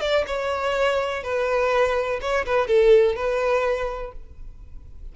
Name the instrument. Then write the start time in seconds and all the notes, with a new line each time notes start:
violin
0.00 D5
0.26 C#5
1.23 B4
2.21 C#5
2.45 B4
2.67 A4
3.15 B4